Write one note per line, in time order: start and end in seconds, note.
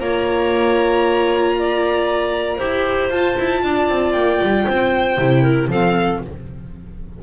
0.00 2.59 A#3
0.00 2.59 F4
0.00 1.57 C#5
0.00 3.10 A#5
1.59 2.57 D5
2.57 3.10 E4
2.57 3.10 G4
2.57 3.60 C5
3.10 3.36 F4
3.10 5.17 F4
3.10 4.12 A5
3.38 3.63 E4
3.63 3.89 D4
3.63 4.66 D5
3.89 4.15 C4
4.12 4.40 A#3
4.12 5.67 G5
4.42 4.68 G3
4.66 5.18 C4
4.66 5.42 C5
5.18 5.68 C3
5.18 5.70 E4
5.42 5.68 A#4
5.68 6.19 F3
5.68 6.22 C4
5.68 6.22 A4
5.68 6.23 F5